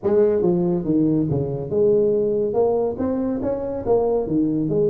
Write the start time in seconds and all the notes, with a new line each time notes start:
0.03 G#3
0.42 F3
0.84 D#3
1.30 C#3
1.69 G#3
2.53 A#3
2.98 C4
3.42 C#4
3.85 A#3
4.26 D#3
4.69 G#3